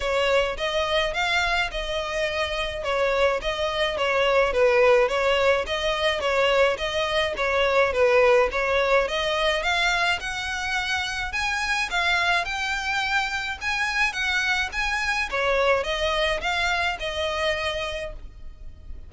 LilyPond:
\new Staff \with { instrumentName = "violin" } { \time 4/4 \tempo 4 = 106 cis''4 dis''4 f''4 dis''4~ | dis''4 cis''4 dis''4 cis''4 | b'4 cis''4 dis''4 cis''4 | dis''4 cis''4 b'4 cis''4 |
dis''4 f''4 fis''2 | gis''4 f''4 g''2 | gis''4 fis''4 gis''4 cis''4 | dis''4 f''4 dis''2 | }